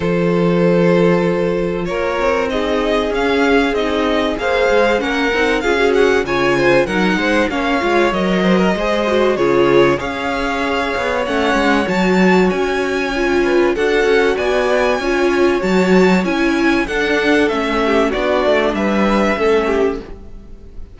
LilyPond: <<
  \new Staff \with { instrumentName = "violin" } { \time 4/4 \tempo 4 = 96 c''2. cis''4 | dis''4 f''4 dis''4 f''4 | fis''4 f''8 fis''8 gis''4 fis''4 | f''4 dis''2 cis''4 |
f''2 fis''4 a''4 | gis''2 fis''4 gis''4~ | gis''4 a''4 gis''4 fis''4 | e''4 d''4 e''2 | }
  \new Staff \with { instrumentName = "violin" } { \time 4/4 a'2. ais'4 | gis'2. c''4 | ais'4 gis'4 cis''8 c''8 ais'8 c''8 | cis''4. c''16 ais'16 c''4 gis'4 |
cis''1~ | cis''4. b'8 a'4 d''4 | cis''2. a'4~ | a'8 g'8 fis'4 b'4 a'8 g'8 | }
  \new Staff \with { instrumentName = "viola" } { \time 4/4 f'1 | dis'4 cis'4 dis'4 gis'4 | cis'8 dis'8 f'16 fis'8. f'4 dis'4 | cis'8 f'8 ais'4 gis'8 fis'8 f'4 |
gis'2 cis'4 fis'4~ | fis'4 f'4 fis'2 | f'4 fis'4 e'4 d'4 | cis'4 d'2 cis'4 | }
  \new Staff \with { instrumentName = "cello" } { \time 4/4 f2. ais8 c'8~ | c'4 cis'4 c'4 ais8 gis8 | ais8 c'8 cis'4 cis4 fis8 gis8 | ais8 gis8 fis4 gis4 cis4 |
cis'4. b8 a8 gis8 fis4 | cis'2 d'8 cis'8 b4 | cis'4 fis4 cis'4 d'4 | a4 b8 a8 g4 a4 | }
>>